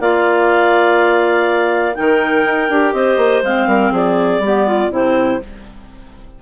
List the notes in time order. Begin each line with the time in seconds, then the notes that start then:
0.00 A#3 F4 D5 F5
1.95 D#3 D#4 A#4 G5
2.45 D#4
2.70 D4 G4
2.93 C4 C5 D#5
3.17 A#3
3.43 G#3 C4 F5
3.67 G3 A#4
3.92 F3 G#4 D5
4.39 G3 B3 G4
4.67 F4
4.91 C3 C4 E4 C5